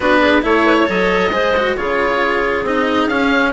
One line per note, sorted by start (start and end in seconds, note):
0.00 0.42 B3
0.00 0.42 D4
0.00 0.19 F#4
0.00 0.42 B4
0.20 0.42 G#4
0.42 0.88 A3
0.42 0.85 E4
0.42 0.66 A4
0.42 0.89 C#5
0.66 0.77 B4
0.78 1.32 C#5
0.85 1.30 F#3
0.85 1.29 A4
0.85 1.76 D#5
1.30 1.74 G#3
1.30 1.54 G#4
1.30 1.76 C5
1.56 1.77 F#4
1.76 2.62 C#3
1.76 2.65 F4
1.76 3.52 G#4
1.76 2.64 C#5
2.62 3.06 C4
2.62 3.10 D#4
2.62 3.07 D#5
3.07 3.51 C#4
3.07 3.52 C#4
3.07 3.52 F5